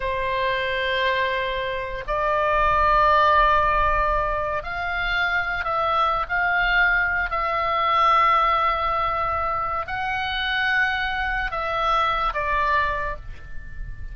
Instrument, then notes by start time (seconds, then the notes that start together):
oboe
0.00 C5
2.07 D5
4.63 F5
5.64 E5
6.28 F5
7.30 E5
9.86 F#5
11.51 E5
12.33 D5